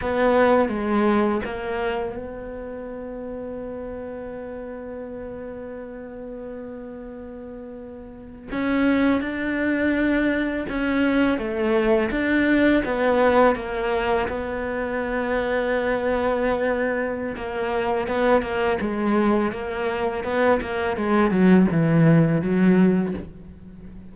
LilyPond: \new Staff \with { instrumentName = "cello" } { \time 4/4 \tempo 4 = 83 b4 gis4 ais4 b4~ | b1~ | b2.~ b8. cis'16~ | cis'8. d'2 cis'4 a16~ |
a8. d'4 b4 ais4 b16~ | b1 | ais4 b8 ais8 gis4 ais4 | b8 ais8 gis8 fis8 e4 fis4 | }